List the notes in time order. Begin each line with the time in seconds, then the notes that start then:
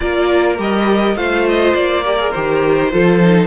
0.00 A#3 F4 A#4 D5
0.57 G3 G4 D#5
1.15 A3 F4 C5 F5
1.48 D#5
1.74 A#3 D5
2.04 G4 A#4
2.19 G#4
2.31 D#3 G4 C5
2.91 F3 F4 A4
3.22 D#4